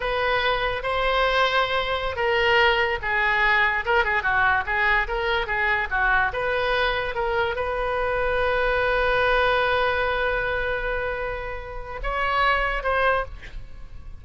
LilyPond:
\new Staff \with { instrumentName = "oboe" } { \time 4/4 \tempo 4 = 145 b'2 c''2~ | c''4~ c''16 ais'2 gis'8.~ | gis'4~ gis'16 ais'8 gis'8 fis'4 gis'8.~ | gis'16 ais'4 gis'4 fis'4 b'8.~ |
b'4~ b'16 ais'4 b'4.~ b'16~ | b'1~ | b'1~ | b'4 cis''2 c''4 | }